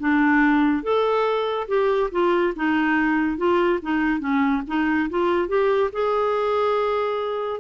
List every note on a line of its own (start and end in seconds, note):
0.00 0.83 D4
0.83 1.67 A4
1.68 2.10 G4
2.11 2.54 F4
2.56 3.37 D#4
3.37 3.80 F4
3.82 4.20 D#4
4.20 4.62 C#4
4.67 5.09 D#4
5.10 5.48 F4
5.48 5.90 G4
5.93 7.60 G#4